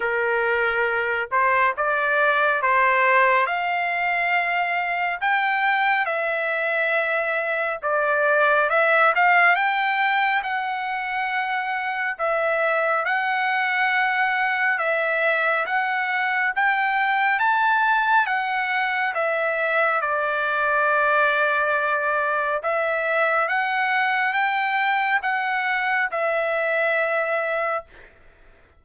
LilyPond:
\new Staff \with { instrumentName = "trumpet" } { \time 4/4 \tempo 4 = 69 ais'4. c''8 d''4 c''4 | f''2 g''4 e''4~ | e''4 d''4 e''8 f''8 g''4 | fis''2 e''4 fis''4~ |
fis''4 e''4 fis''4 g''4 | a''4 fis''4 e''4 d''4~ | d''2 e''4 fis''4 | g''4 fis''4 e''2 | }